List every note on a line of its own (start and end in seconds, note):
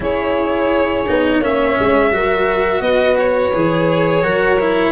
0.00 1.05 C#4
0.00 1.05 E4
0.00 1.37 G#4
0.00 1.43 C#5
1.07 1.41 B3
1.07 1.42 D#4
1.37 1.76 A#3
1.37 2.10 C#4
1.37 2.08 C#5
1.37 2.81 E5
1.79 2.11 G#3
2.10 2.80 F#3
2.10 3.52 F#4
2.10 2.82 A#4
2.80 3.51 B3
2.80 4.23 B4
2.80 3.16 D#5
3.18 4.92 C#5
3.53 4.22 E3
3.53 4.23 G#4
4.22 4.92 F#3
4.22 4.58 F#4
4.22 4.92 A#4
4.60 4.92 E4